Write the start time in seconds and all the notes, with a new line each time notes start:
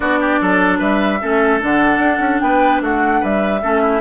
0.00 B3 D4 F#4 D5
0.19 G4
0.41 F#3 A4
0.78 G3 B4 E5
1.21 A3 C#4 A4
1.60 D3 D4 F#5
1.98 D4
2.19 C#4
2.40 B3 B4 G5
2.80 A3 F#4 F#5
3.20 G3 B4 E5
3.62 A3 C#4 A4
3.81 E4